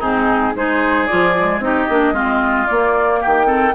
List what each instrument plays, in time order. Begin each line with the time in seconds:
0.00 bassoon G#2, clarinet C4, oboe D#4, flute G#4
0.56 bassoon G#3, clarinet D#4, oboe G#4, flute C5
1.07 bassoon F3, clarinet F4, flute D5
1.38 clarinet G#3
1.59 bassoon C4, clarinet D#4, flute D#5
1.65 oboe G4
1.89 bassoon A#3, clarinet D4
2.13 bassoon G#3, clarinet C4, oboe F4
2.68 clarinet A#3, bassoon A#3, flute D5
3.21 bassoon D#3, oboe G4, flute G5
3.46 clarinet C4, oboe A4